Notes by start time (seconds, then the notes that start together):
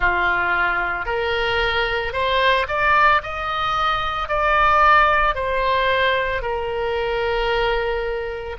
0.00 F4
1.05 A#4
2.12 C5
2.68 D5
3.22 D#5
4.28 D5
5.35 C5
6.42 A#4